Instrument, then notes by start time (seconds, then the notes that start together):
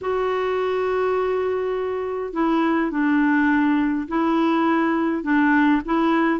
clarinet
0.01 F#4
2.33 E4
2.90 D4
4.08 E4
5.23 D4
5.85 E4